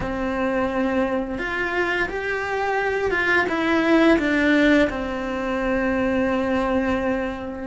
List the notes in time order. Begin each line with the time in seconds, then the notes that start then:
0.00 C4
1.38 F4
2.09 G4
3.10 F4
3.49 E4
4.19 D4
4.89 C4